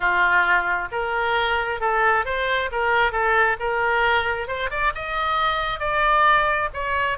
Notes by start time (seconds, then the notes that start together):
0.00 F4
0.91 A#4
1.80 A4
2.25 C5
2.71 A#4
3.12 A4
3.59 A#4
4.47 C5
4.70 D5
4.94 D#5
5.79 D5
6.73 C#5